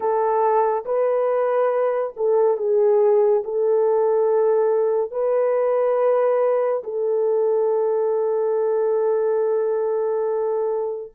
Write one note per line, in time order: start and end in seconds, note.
0.00 0.84 A4
0.85 2.14 B4
2.16 2.57 A4
2.57 3.43 G#4
3.44 5.11 A4
5.11 6.82 B4
6.83 11.12 A4